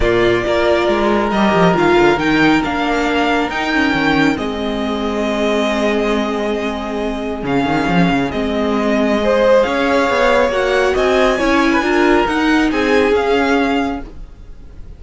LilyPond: <<
  \new Staff \with { instrumentName = "violin" } { \time 4/4 \tempo 4 = 137 d''2. dis''4 | f''4 g''4 f''2 | g''2 dis''2~ | dis''1~ |
dis''4 f''2 dis''4~ | dis''2 f''2 | fis''4 gis''2. | fis''4 gis''4 f''2 | }
  \new Staff \with { instrumentName = "violin" } { \time 4/4 f'4 ais'2.~ | ais'1~ | ais'2 gis'2~ | gis'1~ |
gis'1~ | gis'4 c''4 cis''2~ | cis''4 dis''4 cis''8. b'16 ais'4~ | ais'4 gis'2. | }
  \new Staff \with { instrumentName = "viola" } { \time 4/4 ais4 f'2 g'4 | f'4 dis'4 d'2 | dis'8 cis'4. c'2~ | c'1~ |
c'4 cis'2 c'4~ | c'4 gis'2. | fis'2 e'4 f'4 | dis'2 cis'2 | }
  \new Staff \with { instrumentName = "cello" } { \time 4/4 ais,4 ais4 gis4 g8 f8 | dis8 d8 dis4 ais2 | dis'4 dis4 gis2~ | gis1~ |
gis4 cis8 dis8 f8 cis8 gis4~ | gis2 cis'4 b4 | ais4 c'4 cis'4 d'4 | dis'4 c'4 cis'2 | }
>>